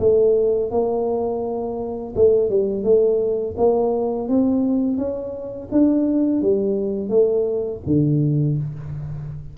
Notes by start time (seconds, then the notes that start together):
0.00 A3
0.71 A#3
2.16 A3
2.50 G3
2.84 A3
3.57 A#3
4.29 C4
4.98 C#4
5.72 D4
6.42 G3
7.09 A3
7.86 D3